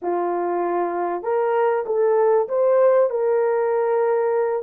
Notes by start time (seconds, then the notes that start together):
0.02 F4
1.22 A#4
1.86 A4
2.48 C5
3.10 A#4